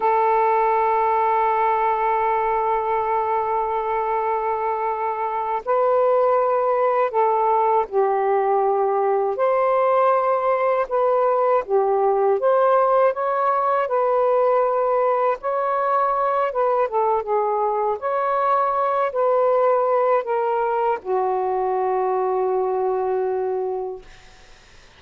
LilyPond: \new Staff \with { instrumentName = "saxophone" } { \time 4/4 \tempo 4 = 80 a'1~ | a'2.~ a'8 b'8~ | b'4. a'4 g'4.~ | g'8 c''2 b'4 g'8~ |
g'8 c''4 cis''4 b'4.~ | b'8 cis''4. b'8 a'8 gis'4 | cis''4. b'4. ais'4 | fis'1 | }